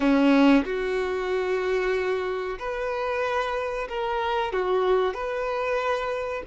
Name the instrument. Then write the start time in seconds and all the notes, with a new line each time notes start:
violin
0.00 C#4
0.65 F#4
2.58 B4
3.89 A#4
4.52 F#4
5.13 B4